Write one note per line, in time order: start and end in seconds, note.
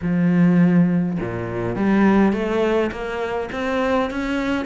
0.02 1.18 F3
1.19 1.76 A#2
1.76 2.32 G3
2.32 2.90 A3
2.91 3.49 A#3
3.52 4.10 C4
4.10 4.65 C#4